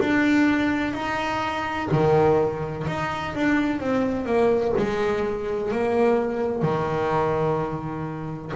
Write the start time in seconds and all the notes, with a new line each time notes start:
0.00 D4
0.94 D#4
1.92 D#3
2.88 D#4
3.35 D4
3.80 C4
4.26 A#3
4.77 G#3
5.72 A#3
6.62 D#3